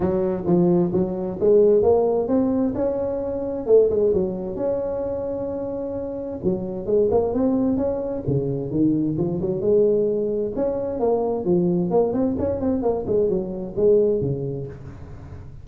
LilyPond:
\new Staff \with { instrumentName = "tuba" } { \time 4/4 \tempo 4 = 131 fis4 f4 fis4 gis4 | ais4 c'4 cis'2 | a8 gis8 fis4 cis'2~ | cis'2 fis4 gis8 ais8 |
c'4 cis'4 cis4 dis4 | f8 fis8 gis2 cis'4 | ais4 f4 ais8 c'8 cis'8 c'8 | ais8 gis8 fis4 gis4 cis4 | }